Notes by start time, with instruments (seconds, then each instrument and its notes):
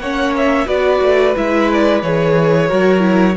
0.00 cello A#3, viola C#4, violin C#5 F#5
0.37 violin E5
0.67 cello B3, viola F#4, violin B4 D5
1.02 cello A3
1.36 cello G#3, viola E4, violin E5
1.73 violin D5
2.03 cello E3, viola G#4, violin C#5
2.68 cello F#3, viola F#4, violin A#4
3.00 viola E4